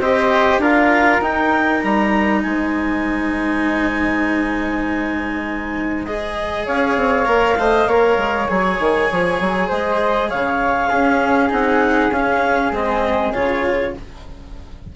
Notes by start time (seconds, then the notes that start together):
0.00 C4 G4 C5 D#5
0.59 D4 F4 A#4 F5
1.21 D#4 G5
1.82 G3 A#5
2.42 G#3 C5 G#5
6.05 G#4 D#5
6.66 C#4 C#5 F5
6.97 C4
7.26 A#3 A#4
7.58 A3 C5 D#5
7.87 A#3 A#4 C#5
8.18 G#3
8.48 F#3 G#4 G#5
8.80 D#3
9.12 F3
9.41 F#3
9.68 G#3 C5 D#5
10.30 C#3 C#5 F5
10.90 C#4 G#4
11.50 C4 D#4 F#5
12.11 C#4 F5
12.72 G#3 C4 D#5
13.34 C#3 F4 C#5